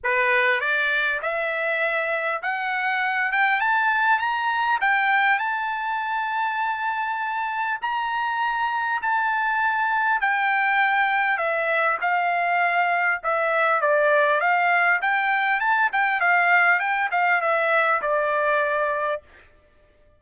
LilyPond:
\new Staff \with { instrumentName = "trumpet" } { \time 4/4 \tempo 4 = 100 b'4 d''4 e''2 | fis''4. g''8 a''4 ais''4 | g''4 a''2.~ | a''4 ais''2 a''4~ |
a''4 g''2 e''4 | f''2 e''4 d''4 | f''4 g''4 a''8 g''8 f''4 | g''8 f''8 e''4 d''2 | }